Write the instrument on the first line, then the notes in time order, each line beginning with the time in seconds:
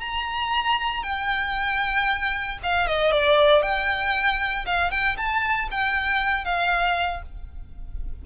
violin
0.00 A#5
1.03 G5
2.63 F5
2.87 D#5
3.11 D5
3.62 G5
4.66 F5
4.91 G5
5.17 A5
5.71 G5
6.45 F5